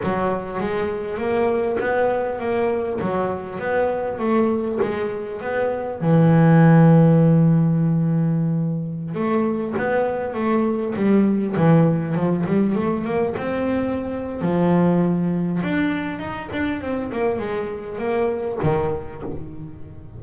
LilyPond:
\new Staff \with { instrumentName = "double bass" } { \time 4/4 \tempo 4 = 100 fis4 gis4 ais4 b4 | ais4 fis4 b4 a4 | gis4 b4 e2~ | e2.~ e16 a8.~ |
a16 b4 a4 g4 e8.~ | e16 f8 g8 a8 ais8 c'4.~ c'16 | f2 d'4 dis'8 d'8 | c'8 ais8 gis4 ais4 dis4 | }